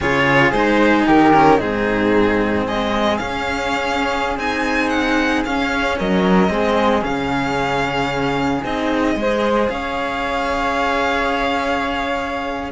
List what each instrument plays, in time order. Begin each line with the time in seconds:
0.01 cello C#3 F4, flute G#4, violin C#5
0.51 cello G#3 D#4, violin C5
1.06 cello D#3, flute G4, violin A#4
1.34 cello C#4
1.56 cello G#2 C4, flute D#4, violin G#4
2.65 cello G#3, flute G#4, violin D#5
3.17 cello C#4, violin F5
4.37 cello C4 D#4, violin G#5
4.89 violin F#5
5.44 cello C#4, violin F5
5.97 cello F#3, flute A#4, violin D#5
6.48 cello G#3 C4, flute G#4
7.01 cello C#3 C#4, violin F5
8.64 cello C4 D#4, violin D#5
9.15 cello G#3 G#4, flute C5
9.69 cello C#4, flute C#5, violin F5